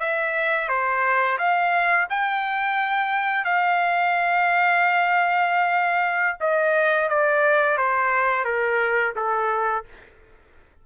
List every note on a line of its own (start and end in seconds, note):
0.00 0.69 E5
0.69 1.38 C5
1.39 2.08 F5
2.10 3.45 G5
3.45 6.38 F5
6.40 7.09 D#5
7.09 7.78 D5
7.78 8.45 C5
8.45 9.14 A#4
9.16 9.85 A4